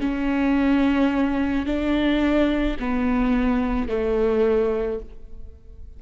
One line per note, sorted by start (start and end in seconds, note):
0.00 1.66 C#4
1.66 2.77 D4
2.79 3.88 B3
3.88 4.99 A3